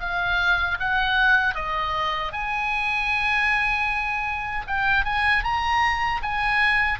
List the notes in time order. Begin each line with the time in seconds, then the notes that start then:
0.00 F5
0.79 F#5
1.55 D#5
2.32 G#5
4.67 G5
5.05 G#5
5.43 A#5
6.22 G#5